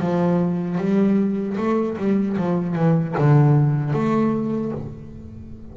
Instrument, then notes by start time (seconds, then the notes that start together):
double bass
0.00 F3
0.78 G3
1.58 A3
1.97 G3
2.37 F3
2.75 E3
3.18 D3
3.93 A3